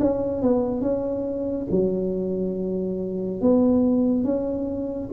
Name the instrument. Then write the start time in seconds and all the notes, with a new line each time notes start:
tuba
0.00 C#4
0.42 B3
0.81 C#4
1.71 F#3
3.41 B3
4.24 C#4